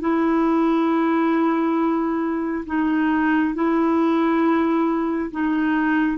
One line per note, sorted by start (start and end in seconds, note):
0.00 2.65 E4
2.66 3.55 D#4
3.55 5.31 E4
5.31 6.18 D#4